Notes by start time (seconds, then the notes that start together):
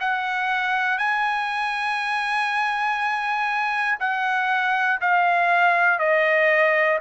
0.00 F#5
0.98 G#5
3.99 F#5
5.00 F5
5.99 D#5